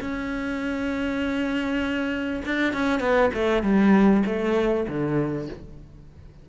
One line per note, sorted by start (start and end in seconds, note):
0.00 2.42 C#4
2.45 2.73 D4
2.73 3.00 C#4
3.00 3.30 B3
3.34 3.62 A3
3.62 4.23 G3
4.26 4.86 A3
4.88 5.48 D3